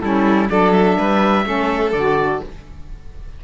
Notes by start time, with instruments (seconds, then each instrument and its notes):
0.00 cello G3, saxophone C#4, violin E4, oboe A4
0.48 cello F#3, saxophone D4, violin A4, oboe D5
0.72 oboe E5
0.98 cello G3, violin B4
1.44 cello A3, saxophone C#4, violin A4
1.92 cello D3, saxophone F#4, oboe D5